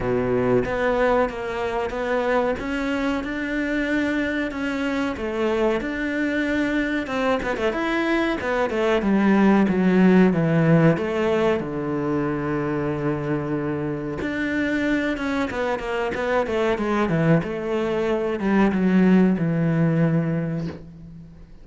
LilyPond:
\new Staff \with { instrumentName = "cello" } { \time 4/4 \tempo 4 = 93 b,4 b4 ais4 b4 | cis'4 d'2 cis'4 | a4 d'2 c'8 b16 a16 | e'4 b8 a8 g4 fis4 |
e4 a4 d2~ | d2 d'4. cis'8 | b8 ais8 b8 a8 gis8 e8 a4~ | a8 g8 fis4 e2 | }